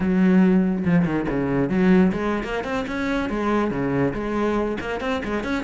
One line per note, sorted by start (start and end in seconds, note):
0.00 0.84 F#3
0.85 1.05 F3
1.05 1.26 D#3
1.29 1.69 C#3
1.69 2.12 F#3
2.12 2.43 G#3
2.43 2.63 A#3
2.63 2.85 C4
2.87 3.29 C#4
3.29 3.70 G#3
3.70 4.13 C#3
4.13 4.77 G#3
4.80 5.00 A#3
5.00 5.21 C4
5.24 5.43 G#3
5.43 5.63 C#4